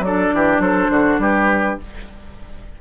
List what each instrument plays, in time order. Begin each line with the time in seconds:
0.00 bassoon F#3, oboe A4, flute D5
0.06 clarinet D4
0.34 bassoon E3, oboe G4
0.59 bassoon F#3, oboe A4, flute C5
0.90 bassoon D3, oboe F#4
1.19 bassoon G3, oboe G4, flute B4